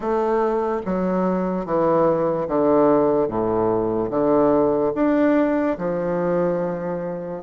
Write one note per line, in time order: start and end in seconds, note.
0.00 0.81 A3
0.85 1.65 F#3
1.65 2.47 E3
2.48 3.28 D3
3.28 4.10 A2
4.10 4.92 D3
4.95 5.77 D4
5.78 7.42 F3